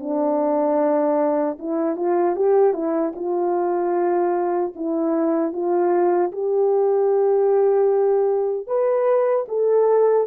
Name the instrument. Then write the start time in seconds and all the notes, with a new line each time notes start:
horn
0.00 D4
1.59 E4
1.96 F4
2.36 G4
2.74 E4
3.16 F4
4.75 E4
5.53 F4
6.32 G4
8.67 B4
9.48 A4